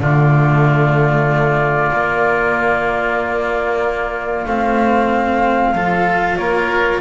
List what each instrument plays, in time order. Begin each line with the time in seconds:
0.00 double bass D3, cello A3, oboe F4, flute D5
1.91 cello A#3, double bass A#3
4.46 double bass A3, cello C4, flute F5
5.74 double bass F3, cello F4, oboe A4
6.36 double bass A#3, oboe A#4, flute C#5